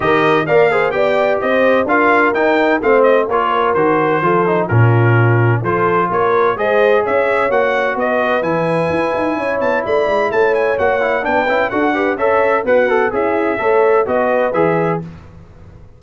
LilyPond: <<
  \new Staff \with { instrumentName = "trumpet" } { \time 4/4 \tempo 4 = 128 dis''4 f''4 g''4 dis''4 | f''4 g''4 f''8 dis''8 cis''4 | c''2 ais'2 | c''4 cis''4 dis''4 e''4 |
fis''4 dis''4 gis''2~ | gis''8 a''8 b''4 a''8 gis''8 fis''4 | g''4 fis''4 e''4 fis''4 | e''2 dis''4 e''4 | }
  \new Staff \with { instrumentName = "horn" } { \time 4/4 ais'4 d''8 c''8 d''4 c''4 | ais'2 c''4 ais'4~ | ais'4 a'4 f'2 | a'4 ais'4 c''4 cis''4~ |
cis''4 b'2. | cis''4 d''4 cis''2 | b'4 a'8 b'8 cis''4 fis'4 | e'4 cis''4 b'2 | }
  \new Staff \with { instrumentName = "trombone" } { \time 4/4 g'4 ais'8 gis'8 g'2 | f'4 dis'4 c'4 f'4 | fis'4 f'8 dis'8 cis'2 | f'2 gis'2 |
fis'2 e'2~ | e'2. fis'8 e'8 | d'8 e'8 fis'8 g'8 a'4 b'8 a'8 | gis'4 a'4 fis'4 gis'4 | }
  \new Staff \with { instrumentName = "tuba" } { \time 4/4 dis4 ais4 b4 c'4 | d'4 dis'4 a4 ais4 | dis4 f4 ais,2 | f4 ais4 gis4 cis'4 |
ais4 b4 e4 e'8 dis'8 | cis'8 b8 a8 gis8 a4 ais4 | b8 cis'8 d'4 cis'4 b4 | cis'4 a4 b4 e4 | }
>>